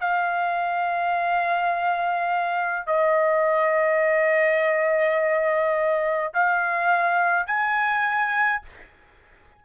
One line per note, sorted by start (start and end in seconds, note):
0.00 2.87 F5
2.87 6.33 D#5
6.34 7.47 F5
7.47 8.62 G#5